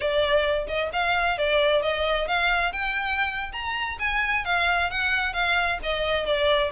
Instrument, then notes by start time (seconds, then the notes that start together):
violin
0.00 D5
0.67 D#5
0.92 F5
1.38 D5
1.82 D#5
2.27 F5
2.72 G5
3.52 A#5
3.99 G#5
4.44 F5
4.90 F#5
5.33 F5
5.82 D#5
6.25 D5